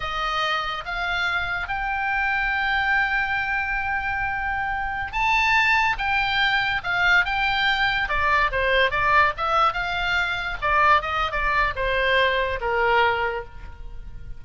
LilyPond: \new Staff \with { instrumentName = "oboe" } { \time 4/4 \tempo 4 = 143 dis''2 f''2 | g''1~ | g''1~ | g''16 a''2 g''4.~ g''16~ |
g''16 f''4 g''2 d''8.~ | d''16 c''4 d''4 e''4 f''8.~ | f''4~ f''16 d''4 dis''8. d''4 | c''2 ais'2 | }